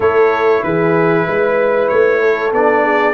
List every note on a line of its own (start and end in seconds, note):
0.00 0.62 A3
0.00 2.52 E4
0.00 0.63 A4
0.00 0.63 C#5
0.63 1.26 E3
0.63 1.26 G#4
0.63 1.88 B4
1.26 1.90 G#3
1.26 2.20 B4
1.88 2.52 A3
1.88 2.51 C#5
2.20 2.84 A4
2.52 3.14 B3
2.52 3.14 D4
2.52 3.14 D5
2.84 3.14 G#4